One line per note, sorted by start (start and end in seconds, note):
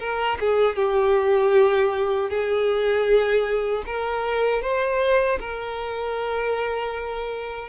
0.00 0.38 A#4
0.41 0.76 G#4
0.76 2.30 G4
2.30 3.84 G#4
3.86 4.62 A#4
4.62 5.39 C5
5.40 7.69 A#4